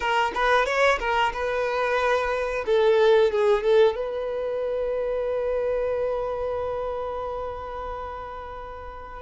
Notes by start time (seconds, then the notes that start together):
0.00 A#4
0.34 B4
0.65 C#5
0.99 A#4
1.33 B4
2.66 A4
3.31 G#4
3.63 A4
3.95 B4